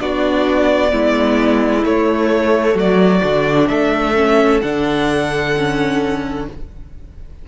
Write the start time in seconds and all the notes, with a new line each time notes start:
0.00 B3 D4 F#4 D5
0.90 G#3 B3 E4
1.83 A3 C#5
2.75 F#3 F#4 D5
3.23 D3 D4
3.68 A3 A4 E5
4.15 C#4
4.61 D3 D4 F#5
5.56 C#4